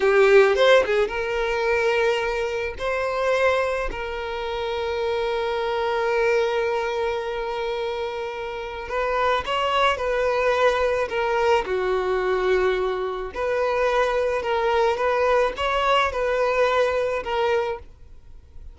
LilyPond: \new Staff \with { instrumentName = "violin" } { \time 4/4 \tempo 4 = 108 g'4 c''8 gis'8 ais'2~ | ais'4 c''2 ais'4~ | ais'1~ | ais'1 |
b'4 cis''4 b'2 | ais'4 fis'2. | b'2 ais'4 b'4 | cis''4 b'2 ais'4 | }